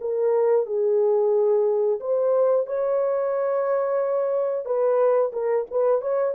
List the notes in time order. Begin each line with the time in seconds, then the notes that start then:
0.00 A#4
0.66 G#4
2.00 C5
2.66 C#5
4.65 B4
5.32 A#4
5.70 B4
6.01 C#5